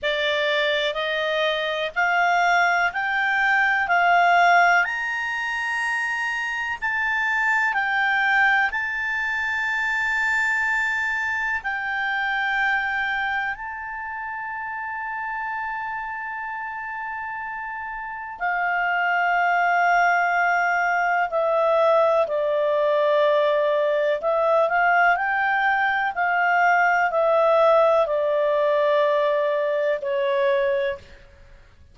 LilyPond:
\new Staff \with { instrumentName = "clarinet" } { \time 4/4 \tempo 4 = 62 d''4 dis''4 f''4 g''4 | f''4 ais''2 a''4 | g''4 a''2. | g''2 a''2~ |
a''2. f''4~ | f''2 e''4 d''4~ | d''4 e''8 f''8 g''4 f''4 | e''4 d''2 cis''4 | }